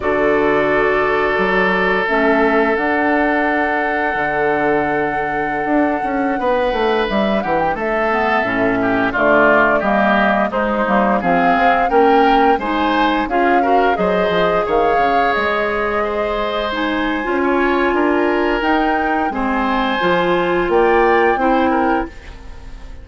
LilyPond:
<<
  \new Staff \with { instrumentName = "flute" } { \time 4/4 \tempo 4 = 87 d''2. e''4 | fis''1~ | fis''2~ fis''16 e''8 fis''16 g''16 e''8.~ | e''4~ e''16 d''4 dis''4 c''8.~ |
c''16 f''4 g''4 gis''4 f''8.~ | f''16 dis''4 f''4 dis''4.~ dis''16~ | dis''16 gis''2~ gis''8. g''4 | gis''2 g''2 | }
  \new Staff \with { instrumentName = "oboe" } { \time 4/4 a'1~ | a'1~ | a'4~ a'16 b'4. g'8 a'8.~ | a'8. g'8 f'4 g'4 dis'8.~ |
dis'16 gis'4 ais'4 c''4 gis'8 ais'16~ | ais'16 c''4 cis''2 c''8.~ | c''4~ c''16 cis''8. ais'2 | c''2 d''4 c''8 ais'8 | }
  \new Staff \with { instrumentName = "clarinet" } { \time 4/4 fis'2. cis'4 | d'1~ | d'2.~ d'8. b16~ | b16 cis'4 a4 ais4 gis8 ais16~ |
ais16 c'4 cis'4 dis'4 f'8 fis'16~ | fis'16 gis'2.~ gis'8.~ | gis'16 dis'8. f'2 dis'4 | c'4 f'2 e'4 | }
  \new Staff \with { instrumentName = "bassoon" } { \time 4/4 d2 fis4 a4 | d'2 d2~ | d16 d'8 cis'8 b8 a8 g8 e8 a8.~ | a16 a,4 d4 g4 gis8 g16~ |
g16 f8 c'8 ais4 gis4 cis'8.~ | cis'16 fis8 f8 dis8 cis8 gis4.~ gis16~ | gis4 cis'4 d'4 dis'4 | gis4 f4 ais4 c'4 | }
>>